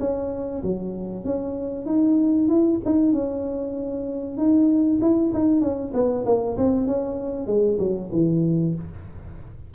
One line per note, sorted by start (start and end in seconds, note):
0.00 0.62 C#4
0.63 1.25 F#3
1.25 1.86 C#4
1.86 2.49 D#4
2.49 2.80 E4
2.86 3.13 D#4
3.13 4.38 C#4
4.38 5.00 D#4
5.01 5.33 E4
5.34 5.62 D#4
5.62 5.93 C#4
5.94 6.25 B3
6.26 6.57 A#3
6.58 6.87 C4
6.87 7.47 C#4
7.47 7.78 G#3
7.79 8.11 F#3
8.12 8.75 E3